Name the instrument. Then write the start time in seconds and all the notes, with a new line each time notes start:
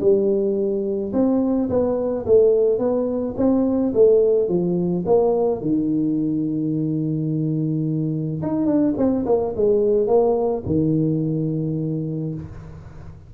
tuba
0.00 G3
1.13 C4
1.69 B3
2.26 A3
2.79 B3
3.37 C4
3.94 A3
4.48 F3
5.06 A#3
5.61 D#3
8.42 D#4
8.66 D4
8.97 C4
9.25 A#3
9.56 G#3
10.07 A#3
10.66 D#3